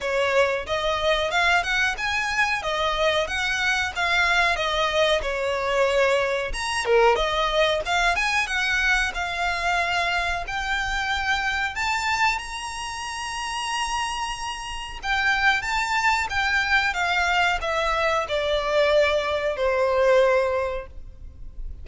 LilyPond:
\new Staff \with { instrumentName = "violin" } { \time 4/4 \tempo 4 = 92 cis''4 dis''4 f''8 fis''8 gis''4 | dis''4 fis''4 f''4 dis''4 | cis''2 ais''8 ais'8 dis''4 | f''8 gis''8 fis''4 f''2 |
g''2 a''4 ais''4~ | ais''2. g''4 | a''4 g''4 f''4 e''4 | d''2 c''2 | }